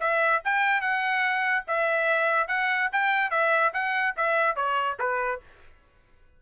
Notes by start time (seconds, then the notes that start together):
0.00 E5
0.45 G5
0.81 F#5
1.67 E5
2.48 F#5
2.92 G5
3.30 E5
3.73 F#5
4.17 E5
4.55 C#5
4.99 B4